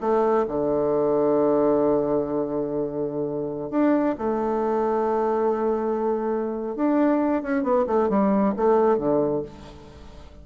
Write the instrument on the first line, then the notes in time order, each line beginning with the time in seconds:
bassoon
0.00 A3
0.48 D3
3.70 D4
4.18 A3
6.75 D4
7.42 C#4
7.63 B3
7.86 A3
8.09 G3
8.56 A3
8.97 D3